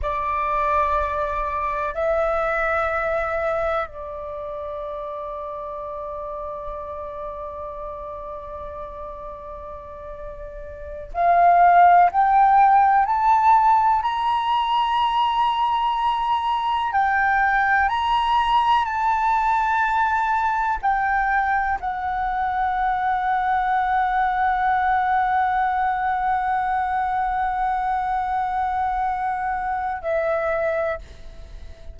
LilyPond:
\new Staff \with { instrumentName = "flute" } { \time 4/4 \tempo 4 = 62 d''2 e''2 | d''1~ | d''2.~ d''8 f''8~ | f''8 g''4 a''4 ais''4.~ |
ais''4. g''4 ais''4 a''8~ | a''4. g''4 fis''4.~ | fis''1~ | fis''2. e''4 | }